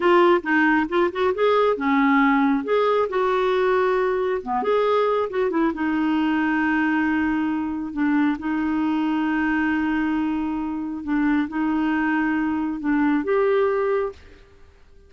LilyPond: \new Staff \with { instrumentName = "clarinet" } { \time 4/4 \tempo 4 = 136 f'4 dis'4 f'8 fis'8 gis'4 | cis'2 gis'4 fis'4~ | fis'2 b8 gis'4. | fis'8 e'8 dis'2.~ |
dis'2 d'4 dis'4~ | dis'1~ | dis'4 d'4 dis'2~ | dis'4 d'4 g'2 | }